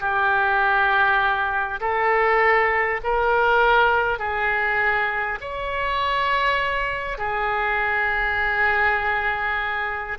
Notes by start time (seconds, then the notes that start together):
0.00 G4
1.81 A4
3.04 A#4
4.19 G#4
5.41 C#5
7.18 G#4